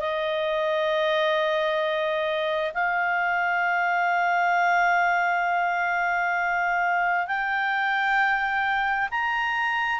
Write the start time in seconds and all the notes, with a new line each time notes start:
0.00 D#5
2.74 F5
7.27 G5
9.11 A#5